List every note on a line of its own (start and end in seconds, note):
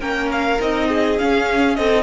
0.00 0.59 A#3
0.00 0.58 C#4
0.00 0.88 A#4
0.00 0.29 G5
0.32 0.61 F5
0.60 1.19 C4
0.60 1.18 D#4
0.60 1.18 D#5
0.88 1.75 G#4
1.18 1.91 C#4
1.18 1.77 C#4
1.18 1.75 F5
1.75 2.03 C4
1.75 2.03 A4
1.75 2.03 D#5
1.95 2.03 D#4